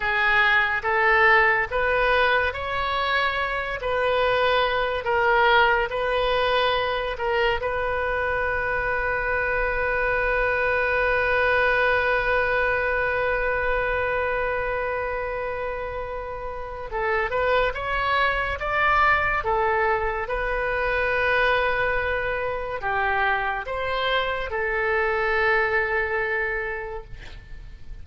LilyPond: \new Staff \with { instrumentName = "oboe" } { \time 4/4 \tempo 4 = 71 gis'4 a'4 b'4 cis''4~ | cis''8 b'4. ais'4 b'4~ | b'8 ais'8 b'2.~ | b'1~ |
b'1 | a'8 b'8 cis''4 d''4 a'4 | b'2. g'4 | c''4 a'2. | }